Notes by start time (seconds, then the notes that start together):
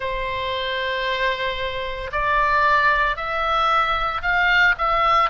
0.00 C5
2.11 D5
3.16 E5
4.22 F5
4.78 E5